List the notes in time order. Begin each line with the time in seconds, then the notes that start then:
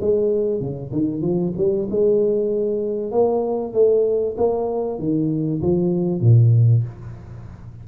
0.00 G#3
0.60 C#3
0.92 D#3
1.21 F3
1.57 G3
1.90 G#3
3.11 A#3
3.73 A3
4.37 A#3
4.98 D#3
5.61 F3
6.20 A#2